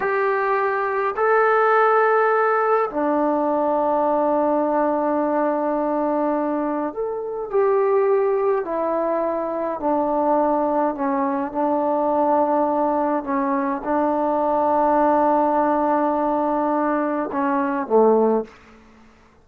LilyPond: \new Staff \with { instrumentName = "trombone" } { \time 4/4 \tempo 4 = 104 g'2 a'2~ | a'4 d'2.~ | d'1 | a'4 g'2 e'4~ |
e'4 d'2 cis'4 | d'2. cis'4 | d'1~ | d'2 cis'4 a4 | }